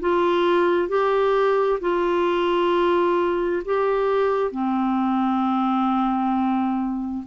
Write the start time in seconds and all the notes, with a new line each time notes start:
0.00 F4
0.88 G4
1.80 F4
3.64 G4
4.51 C4